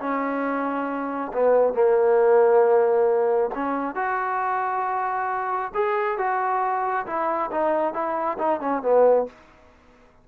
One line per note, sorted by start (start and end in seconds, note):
0.00 1.32 C#4
1.34 1.74 B3
1.74 3.51 A#3
3.55 3.96 C#4
3.96 5.72 F#4
5.75 6.18 G#4
6.18 7.07 F#4
7.07 7.51 E4
7.52 7.94 D#4
7.94 8.38 E4
8.39 8.61 D#4
8.61 8.83 C#4
8.83 9.27 B3